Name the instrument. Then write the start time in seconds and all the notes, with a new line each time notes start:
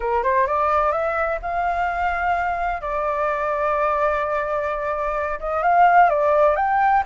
flute
0.00 A#4
0.23 C5
0.46 D5
0.92 E5
1.41 F5
2.81 D5
5.39 D#5
5.62 F5
6.09 D5
6.56 G5